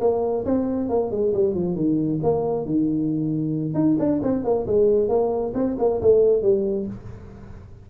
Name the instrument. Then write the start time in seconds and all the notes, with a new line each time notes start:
tuba
0.00 A#3
0.45 C4
0.89 A#3
1.11 G#3
1.34 G3
1.54 F3
1.75 D#3
2.23 A#3
2.65 D#3
3.74 D#4
3.99 D4
4.22 C4
4.44 A#3
4.66 G#3
5.08 A#3
5.54 C4
5.79 A#3
6.01 A3
6.42 G3